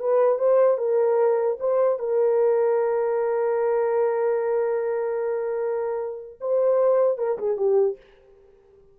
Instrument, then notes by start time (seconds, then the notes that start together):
horn
0.00 B4
0.38 C5
0.78 A#4
1.60 C5
1.99 A#4
6.41 C5
7.18 A#4
7.38 G#4
7.57 G4